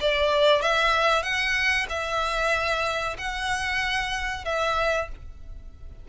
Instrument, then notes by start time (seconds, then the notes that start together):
violin
0.00 D5
0.61 E5
1.22 F#5
1.89 E5
3.18 F#5
4.44 E5